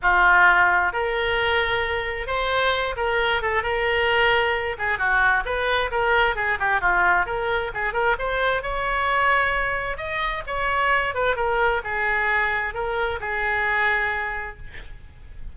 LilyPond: \new Staff \with { instrumentName = "oboe" } { \time 4/4 \tempo 4 = 132 f'2 ais'2~ | ais'4 c''4. ais'4 a'8 | ais'2~ ais'8 gis'8 fis'4 | b'4 ais'4 gis'8 g'8 f'4 |
ais'4 gis'8 ais'8 c''4 cis''4~ | cis''2 dis''4 cis''4~ | cis''8 b'8 ais'4 gis'2 | ais'4 gis'2. | }